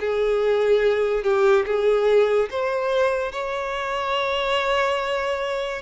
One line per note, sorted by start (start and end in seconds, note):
0.00 1.23 G#4
1.23 1.65 G4
1.66 2.49 G#4
2.50 3.32 C5
3.32 5.82 C#5